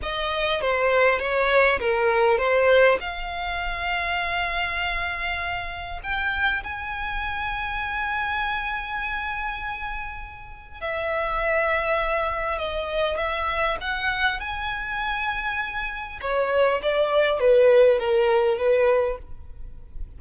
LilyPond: \new Staff \with { instrumentName = "violin" } { \time 4/4 \tempo 4 = 100 dis''4 c''4 cis''4 ais'4 | c''4 f''2.~ | f''2 g''4 gis''4~ | gis''1~ |
gis''2 e''2~ | e''4 dis''4 e''4 fis''4 | gis''2. cis''4 | d''4 b'4 ais'4 b'4 | }